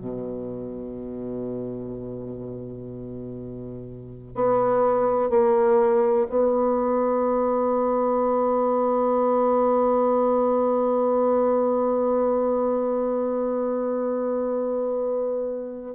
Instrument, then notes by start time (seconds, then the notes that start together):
bassoon
0.00 B2
4.35 B3
5.30 A#3
6.30 B3